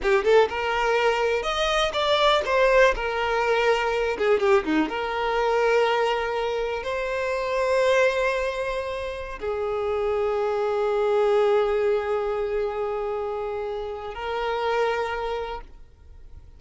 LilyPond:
\new Staff \with { instrumentName = "violin" } { \time 4/4 \tempo 4 = 123 g'8 a'8 ais'2 dis''4 | d''4 c''4 ais'2~ | ais'8 gis'8 g'8 dis'8 ais'2~ | ais'2 c''2~ |
c''2.~ c''16 gis'8.~ | gis'1~ | gis'1~ | gis'4 ais'2. | }